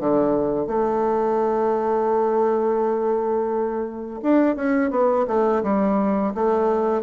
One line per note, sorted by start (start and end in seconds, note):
0.00 0.67 D3
0.67 4.20 A3
4.23 4.56 D4
4.56 4.91 C#4
4.91 5.26 B3
5.27 5.63 A3
5.63 6.34 G3
6.35 7.03 A3